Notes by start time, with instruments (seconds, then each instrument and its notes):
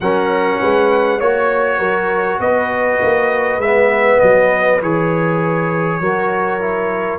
0.00 tuba F#3, trombone C#4, horn A#4, trumpet F#5
0.61 tuba G#3, horn B4
1.19 tuba A#3, trombone F#4, horn C#5, trumpet C#5
1.79 tuba F#3, horn A#4
2.39 tuba B3, horn B4, trumpet D#5
3.02 tuba A#3
3.58 tuba G#3, trombone B3, trumpet E5
4.20 tuba F#3, trumpet D#5
4.81 tuba E3, trombone G#4, trumpet C#5
6.00 tuba F#3, trombone F#4, horn A#4
6.60 trombone E4